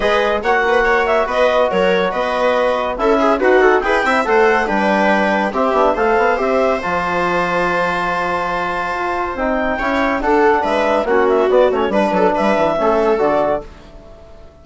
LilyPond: <<
  \new Staff \with { instrumentName = "clarinet" } { \time 4/4 \tempo 4 = 141 dis''4 fis''4. e''8 dis''4 | cis''4 dis''2 e''4 | fis''4 g''4 fis''4 g''4~ | g''4 e''4 f''4 e''4 |
a''1~ | a''2 g''2 | fis''4 e''4 fis''8 e''8 d''8 cis''8 | b'4 e''2 d''4 | }
  \new Staff \with { instrumentName = "viola" } { \time 4/4 b'4 cis''8 b'8 cis''4 b'4 | ais'4 b'2 a'8 gis'8 | fis'4 b'8 e''8 c''4 b'4~ | b'4 g'4 c''2~ |
c''1~ | c''2. cis''4 | a'4 b'4 fis'2 | b'8 a'8 b'4 a'2 | }
  \new Staff \with { instrumentName = "trombone" } { \time 4/4 gis'4 fis'2.~ | fis'2. e'4 | b'8 a'8 gis'8 e'8 a'4 d'4~ | d'4 c'8 d'8 a'4 g'4 |
f'1~ | f'2 dis'4 e'4 | d'2 cis'4 b8 cis'8 | d'2 cis'4 fis'4 | }
  \new Staff \with { instrumentName = "bassoon" } { \time 4/4 gis4 ais2 b4 | fis4 b2 cis'4 | dis'4 e'8 c'8 a4 g4~ | g4 c'8 b8 a8 b8 c'4 |
f1~ | f4 f'4 c'4 cis'4 | d'4 gis4 ais4 b8 a8 | g8 fis8 g8 e8 a4 d4 | }
>>